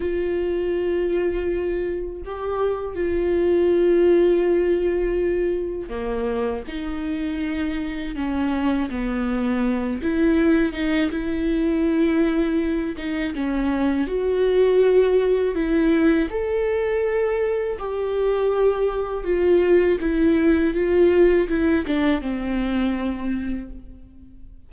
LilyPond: \new Staff \with { instrumentName = "viola" } { \time 4/4 \tempo 4 = 81 f'2. g'4 | f'1 | ais4 dis'2 cis'4 | b4. e'4 dis'8 e'4~ |
e'4. dis'8 cis'4 fis'4~ | fis'4 e'4 a'2 | g'2 f'4 e'4 | f'4 e'8 d'8 c'2 | }